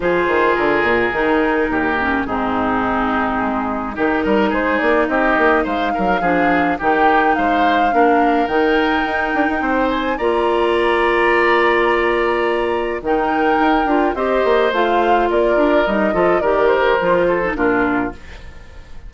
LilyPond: <<
  \new Staff \with { instrumentName = "flute" } { \time 4/4 \tempo 4 = 106 c''4 ais'2. | gis'2. ais'4 | c''8 d''8 dis''4 f''2 | g''4 f''2 g''4~ |
g''4. gis''8 ais''2~ | ais''2. g''4~ | g''4 dis''4 f''4 d''4 | dis''4 d''8 c''4. ais'4 | }
  \new Staff \with { instrumentName = "oboe" } { \time 4/4 gis'2. g'4 | dis'2. g'8 ais'8 | gis'4 g'4 c''8 ais'8 gis'4 | g'4 c''4 ais'2~ |
ais'4 c''4 d''2~ | d''2. ais'4~ | ais'4 c''2 ais'4~ | ais'8 a'8 ais'4. a'8 f'4 | }
  \new Staff \with { instrumentName = "clarinet" } { \time 4/4 f'2 dis'4. cis'8 | c'2. dis'4~ | dis'2. d'4 | dis'2 d'4 dis'4~ |
dis'2 f'2~ | f'2. dis'4~ | dis'8 f'8 g'4 f'2 | dis'8 f'8 g'4 f'8. dis'16 d'4 | }
  \new Staff \with { instrumentName = "bassoon" } { \time 4/4 f8 dis8 d8 ais,8 dis4 dis,4 | gis,2 gis4 dis8 g8 | gis8 ais8 c'8 ais8 gis8 fis8 f4 | dis4 gis4 ais4 dis4 |
dis'8 d'16 dis'16 c'4 ais2~ | ais2. dis4 | dis'8 d'8 c'8 ais8 a4 ais8 d'8 | g8 f8 dis4 f4 ais,4 | }
>>